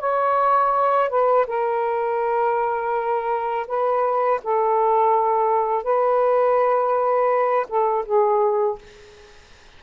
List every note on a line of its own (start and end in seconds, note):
0.00 1.10 C#5
1.10 1.46 B4
1.47 3.67 A#4
3.68 4.41 B4
4.44 5.84 A4
5.84 7.67 B4
7.69 8.05 A4
8.06 8.79 G#4